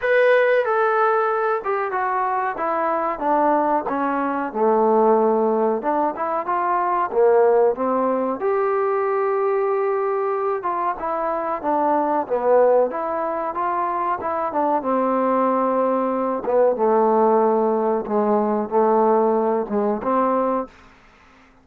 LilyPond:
\new Staff \with { instrumentName = "trombone" } { \time 4/4 \tempo 4 = 93 b'4 a'4. g'8 fis'4 | e'4 d'4 cis'4 a4~ | a4 d'8 e'8 f'4 ais4 | c'4 g'2.~ |
g'8 f'8 e'4 d'4 b4 | e'4 f'4 e'8 d'8 c'4~ | c'4. b8 a2 | gis4 a4. gis8 c'4 | }